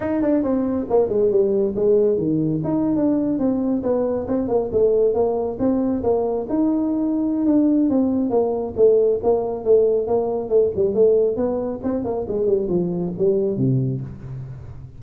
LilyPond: \new Staff \with { instrumentName = "tuba" } { \time 4/4 \tempo 4 = 137 dis'8 d'8 c'4 ais8 gis8 g4 | gis4 dis4 dis'8. d'4 c'16~ | c'8. b4 c'8 ais8 a4 ais16~ | ais8. c'4 ais4 dis'4~ dis'16~ |
dis'4 d'4 c'4 ais4 | a4 ais4 a4 ais4 | a8 g8 a4 b4 c'8 ais8 | gis8 g8 f4 g4 c4 | }